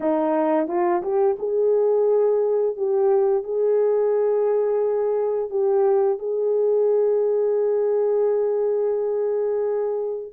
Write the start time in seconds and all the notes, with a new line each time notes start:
0.00 D#4
0.67 F4
1.02 G4
1.39 G#4
2.76 G4
3.43 G#4
5.50 G4
6.18 G#4